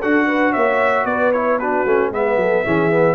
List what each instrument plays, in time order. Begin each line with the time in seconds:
0.00 tuba D4, trombone F#4, horn A4, trumpet F#5
0.27 horn B4
0.53 tuba A#3, horn C#5, trumpet E5
1.05 tuba B3, horn B4, trumpet D5
1.33 trombone E4, trumpet C#5
1.59 trombone D4, horn F#4, trumpet B4
1.86 tuba A3, trombone C#4
2.11 tuba G#3, trombone B3, horn B4, trumpet E5
2.37 tuba F#3, horn A4
2.64 tuba E3, trombone C#4, horn G#4
2.91 trombone B3